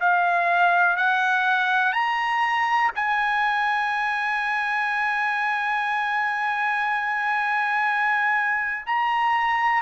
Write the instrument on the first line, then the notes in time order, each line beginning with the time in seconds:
trumpet
0.00 F5
0.96 F#5
1.92 A#5
2.95 G#5
8.86 A#5